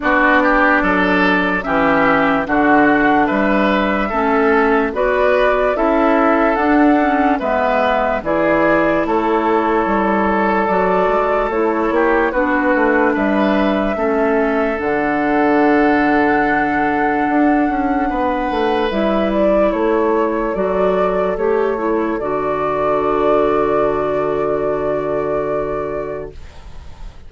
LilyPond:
<<
  \new Staff \with { instrumentName = "flute" } { \time 4/4 \tempo 4 = 73 d''2 e''4 fis''4 | e''2 d''4 e''4 | fis''4 e''4 d''4 cis''4~ | cis''4 d''4 cis''4 b'4 |
e''2 fis''2~ | fis''2. e''8 d''8 | cis''4 d''4 cis''4 d''4~ | d''1 | }
  \new Staff \with { instrumentName = "oboe" } { \time 4/4 fis'8 g'8 a'4 g'4 fis'4 | b'4 a'4 b'4 a'4~ | a'4 b'4 gis'4 a'4~ | a'2~ a'8 g'8 fis'4 |
b'4 a'2.~ | a'2 b'2 | a'1~ | a'1 | }
  \new Staff \with { instrumentName = "clarinet" } { \time 4/4 d'2 cis'4 d'4~ | d'4 cis'4 fis'4 e'4 | d'8 cis'8 b4 e'2~ | e'4 fis'4 e'4 d'4~ |
d'4 cis'4 d'2~ | d'2. e'4~ | e'4 fis'4 g'8 e'8 fis'4~ | fis'1 | }
  \new Staff \with { instrumentName = "bassoon" } { \time 4/4 b4 fis4 e4 d4 | g4 a4 b4 cis'4 | d'4 gis4 e4 a4 | g4 fis8 gis8 a8 ais8 b8 a8 |
g4 a4 d2~ | d4 d'8 cis'8 b8 a8 g4 | a4 fis4 a4 d4~ | d1 | }
>>